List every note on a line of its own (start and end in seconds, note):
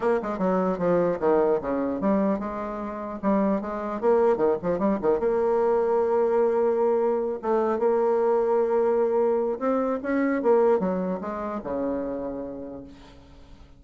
0.00 0.20 A#3
0.22 0.38 G#3
0.38 0.78 F#3
0.78 1.18 F3
1.19 1.59 D#3
1.61 2.00 C#3
2.00 2.39 G3
2.39 3.19 G#3
3.22 3.61 G3
3.61 4.00 G#3
4.00 4.36 A#3
4.36 4.56 D#3
4.62 4.78 F3
4.78 4.98 G3
5.01 5.19 D#3
5.19 7.39 A#3
7.42 7.78 A3
7.78 9.58 A#3
9.59 9.99 C4
10.02 10.42 C#4
10.42 10.79 A#3
10.79 11.19 F#3
11.21 11.61 G#3
11.63 12.83 C#3